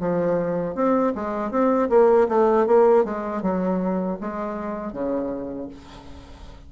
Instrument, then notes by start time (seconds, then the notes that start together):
bassoon
0.00 F3
0.75 C4
1.15 G#3
1.51 C4
1.90 A#3
2.29 A3
2.67 A#3
3.05 G#3
3.42 F#3
4.21 G#3
4.93 C#3